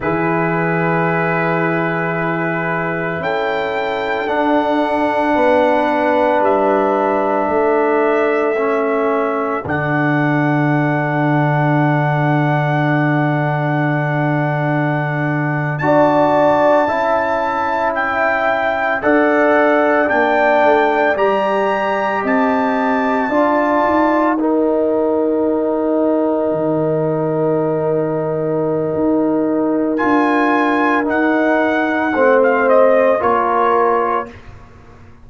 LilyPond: <<
  \new Staff \with { instrumentName = "trumpet" } { \time 4/4 \tempo 4 = 56 b'2. g''4 | fis''2 e''2~ | e''4 fis''2.~ | fis''2~ fis''8. a''4~ a''16~ |
a''8. g''4 fis''4 g''4 ais''16~ | ais''8. a''2 g''4~ g''16~ | g''1 | gis''4 fis''4~ fis''16 f''16 dis''8 cis''4 | }
  \new Staff \with { instrumentName = "horn" } { \time 4/4 gis'2. a'4~ | a'4 b'2 a'4~ | a'1~ | a'2~ a'8. d''4 e''16~ |
e''4.~ e''16 d''2~ d''16~ | d''8. dis''4 d''4 ais'4~ ais'16~ | ais'1~ | ais'2 c''4 ais'4 | }
  \new Staff \with { instrumentName = "trombone" } { \time 4/4 e'1 | d'1 | cis'4 d'2.~ | d'2~ d'8. fis'4 e'16~ |
e'4.~ e'16 a'4 d'4 g'16~ | g'4.~ g'16 f'4 dis'4~ dis'16~ | dis'1 | f'4 dis'4 c'4 f'4 | }
  \new Staff \with { instrumentName = "tuba" } { \time 4/4 e2. cis'4 | d'4 b4 g4 a4~ | a4 d2.~ | d2~ d8. d'4 cis'16~ |
cis'4.~ cis'16 d'4 ais8 a8 g16~ | g8. c'4 d'8 dis'4.~ dis'16~ | dis'8. dis2~ dis16 dis'4 | d'4 dis'4 a4 ais4 | }
>>